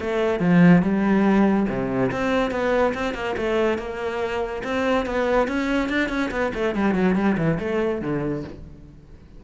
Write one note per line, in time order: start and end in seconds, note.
0.00 0.40 A3
0.40 0.82 F3
0.82 1.66 G3
1.68 2.11 C3
2.11 2.51 C4
2.51 2.93 B3
2.94 3.14 C4
3.14 3.35 A#3
3.37 3.78 A3
3.78 4.62 A#3
4.63 5.06 C4
5.06 5.48 B3
5.48 5.89 C#4
5.89 6.09 D4
6.09 6.30 C#4
6.31 6.52 B3
6.54 6.75 A3
6.75 6.94 G3
6.94 7.15 F#3
7.15 7.37 G3
7.37 7.58 E3
7.59 8.01 A3
8.01 8.43 D3